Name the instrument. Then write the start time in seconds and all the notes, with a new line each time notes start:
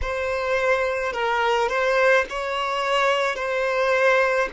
violin
0.01 C5
1.13 A#4
1.68 C5
2.29 C#5
3.36 C5